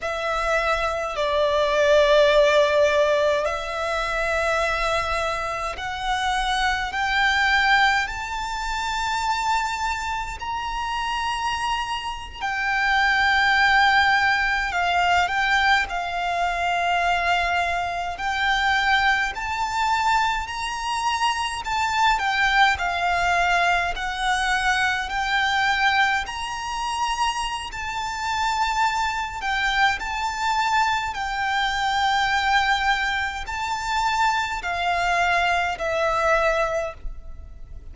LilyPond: \new Staff \with { instrumentName = "violin" } { \time 4/4 \tempo 4 = 52 e''4 d''2 e''4~ | e''4 fis''4 g''4 a''4~ | a''4 ais''4.~ ais''16 g''4~ g''16~ | g''8. f''8 g''8 f''2 g''16~ |
g''8. a''4 ais''4 a''8 g''8 f''16~ | f''8. fis''4 g''4 ais''4~ ais''16 | a''4. g''8 a''4 g''4~ | g''4 a''4 f''4 e''4 | }